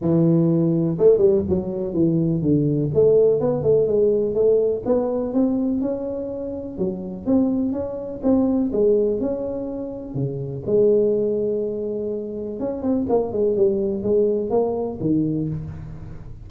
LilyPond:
\new Staff \with { instrumentName = "tuba" } { \time 4/4 \tempo 4 = 124 e2 a8 g8 fis4 | e4 d4 a4 b8 a8 | gis4 a4 b4 c'4 | cis'2 fis4 c'4 |
cis'4 c'4 gis4 cis'4~ | cis'4 cis4 gis2~ | gis2 cis'8 c'8 ais8 gis8 | g4 gis4 ais4 dis4 | }